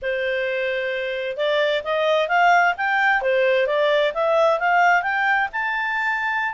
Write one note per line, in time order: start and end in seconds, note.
0.02 1.36 C5
1.36 1.82 D5
1.84 2.28 D#5
2.28 2.74 F5
2.77 3.21 G5
3.21 3.66 C5
3.66 4.12 D5
4.14 4.59 E5
4.59 5.02 F5
5.02 5.48 G5
5.52 6.54 A5